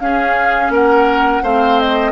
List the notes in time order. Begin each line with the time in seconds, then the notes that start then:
0.00 C#4 G#4 F5
0.70 A#3 A#4 F#5
1.43 A3 C4 C5 F5
1.80 D#5